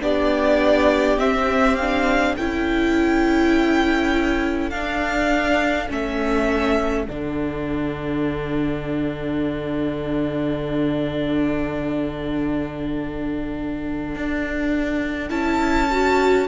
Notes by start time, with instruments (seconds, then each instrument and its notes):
0.00 cello B3, viola D4, violin G4 D5
1.18 viola C4, cello C4, violin E5
1.76 viola D4, violin F5
2.36 cello C#4, viola E4, violin A4 G5
4.70 cello D4, viola D4, violin F5
5.89 cello A3, viola C#4, violin E5
7.05 cello D3, viola D4, violin F#5
14.15 cello D4
15.29 cello C#4, viola E4, violin A5
15.91 viola F#4